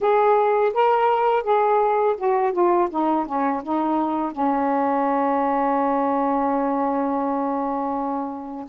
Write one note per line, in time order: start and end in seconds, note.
0.00 0.73 G#4
0.73 1.43 A#4
1.43 2.15 G#4
2.17 2.52 F#4
2.52 2.88 F4
2.90 3.26 D#4
3.26 3.62 C#4
3.63 4.31 D#4
4.31 8.65 C#4